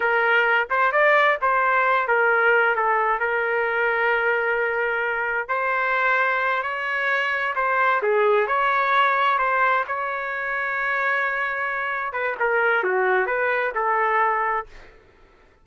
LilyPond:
\new Staff \with { instrumentName = "trumpet" } { \time 4/4 \tempo 4 = 131 ais'4. c''8 d''4 c''4~ | c''8 ais'4. a'4 ais'4~ | ais'1 | c''2~ c''8 cis''4.~ |
cis''8 c''4 gis'4 cis''4.~ | cis''8 c''4 cis''2~ cis''8~ | cis''2~ cis''8 b'8 ais'4 | fis'4 b'4 a'2 | }